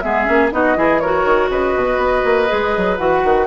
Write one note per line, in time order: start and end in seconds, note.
0.00 0.28 G#3
0.00 0.25 B3
0.00 0.53 G#4
0.00 0.49 E5
0.25 0.52 A#3
0.25 0.49 C#4
0.51 0.76 B3
0.51 0.76 D#4
0.51 0.77 F#4
0.51 0.99 D#5
0.76 1.24 E3
0.76 1.00 E4
0.76 1.02 G#4
0.99 2.48 F#4
0.99 1.51 A#4
0.99 1.49 C#5
1.24 1.49 D#3
1.50 1.74 C#3
1.50 3.47 B4
1.50 2.97 D#5
1.76 1.97 B2
1.97 2.22 B3
2.24 2.49 A#3
2.48 2.77 G#3
2.48 2.97 G#4
2.77 2.98 F#3
2.98 3.23 E3
2.98 3.47 F#4
2.98 3.47 F#5
3.24 3.47 D#3